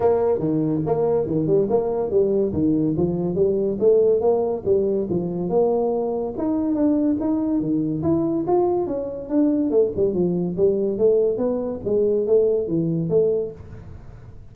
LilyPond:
\new Staff \with { instrumentName = "tuba" } { \time 4/4 \tempo 4 = 142 ais4 dis4 ais4 dis8 g8 | ais4 g4 dis4 f4 | g4 a4 ais4 g4 | f4 ais2 dis'4 |
d'4 dis'4 dis4 e'4 | f'4 cis'4 d'4 a8 g8 | f4 g4 a4 b4 | gis4 a4 e4 a4 | }